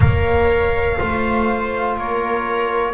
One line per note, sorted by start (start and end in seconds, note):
0.00 0.98 A#3
0.00 0.97 A#4
0.00 0.99 C#5
0.00 1.97 F5
0.97 1.97 A3
0.97 2.93 F4
0.97 1.97 C5
1.97 2.94 A#3
1.97 2.94 A#4
1.97 2.94 C#5